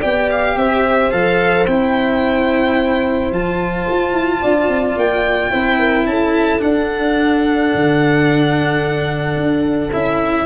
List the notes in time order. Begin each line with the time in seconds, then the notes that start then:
0.00 B3 G4 D5 G5
0.31 F5
0.56 C4 C5 E5
1.11 F3 A4 F5
1.67 C4 E4 G5
3.31 F3 F4 A5
3.90 F4
4.13 E4
4.42 D4 D5
4.68 C4
4.96 A#3 G5
5.51 C4 E4 C5
5.79 A#4
6.06 C#4 A4 A5
6.60 D4 F#5
7.75 D3
9.36 D4
9.92 C#4 E4 E5